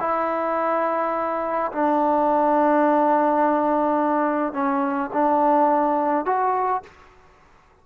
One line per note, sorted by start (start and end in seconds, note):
0.00 1.71 E4
1.72 4.53 D4
4.53 5.10 C#4
5.13 6.25 D4
6.25 6.83 F#4